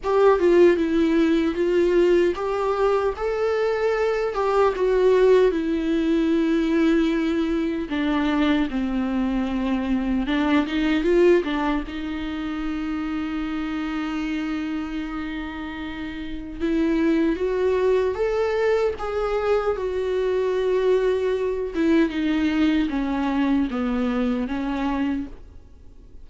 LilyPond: \new Staff \with { instrumentName = "viola" } { \time 4/4 \tempo 4 = 76 g'8 f'8 e'4 f'4 g'4 | a'4. g'8 fis'4 e'4~ | e'2 d'4 c'4~ | c'4 d'8 dis'8 f'8 d'8 dis'4~ |
dis'1~ | dis'4 e'4 fis'4 a'4 | gis'4 fis'2~ fis'8 e'8 | dis'4 cis'4 b4 cis'4 | }